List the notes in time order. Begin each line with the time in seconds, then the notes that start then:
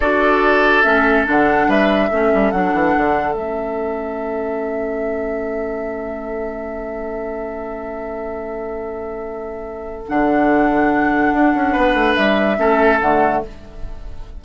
0.00 D4 F#4 A4 D5
0.82 A3 C#4 E5
1.26 D3 D4 F#5
1.67 G3 B4 E5
2.09 A3 C#4 A4
2.34 G3
2.51 F#3 D4 F#5
2.73 E3
2.97 D3
3.33 A3 C#4 E5
10.08 D3 D4 F#5
11.33 D4
11.54 C#4
11.72 B3 B4
11.94 A3
12.15 G3 E5
12.58 A3 C#4 A4
13.01 D3 A3 F#5